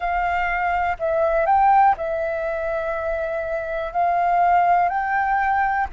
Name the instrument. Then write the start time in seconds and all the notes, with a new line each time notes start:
flute
0.00 F5
0.99 E5
1.45 G5
1.97 E5
3.92 F5
4.89 G5